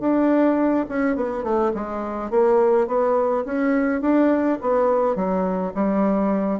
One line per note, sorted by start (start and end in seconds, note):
0.00 0.86 D4
0.89 1.16 C#4
1.16 1.43 B3
1.43 1.72 A3
1.74 2.30 G#3
2.30 2.87 A#3
2.87 3.44 B3
3.45 4.01 C#4
4.01 4.58 D4
4.61 5.16 B3
5.16 5.73 F#3
5.75 6.60 G3